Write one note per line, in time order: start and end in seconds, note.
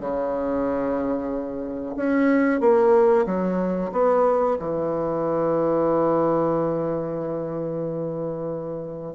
0.00 1.96 C#3
1.97 2.60 C#4
2.60 3.25 A#3
3.26 3.91 F#3
3.92 4.57 B3
4.59 9.15 E3